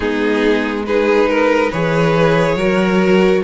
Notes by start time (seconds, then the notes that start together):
0.00 G#3 B3 D#4 G#4
0.86 D#4 G#4 B4
1.29 A#4
1.69 E3 G#4 B4 C#5
2.55 F#3 F#4 A#4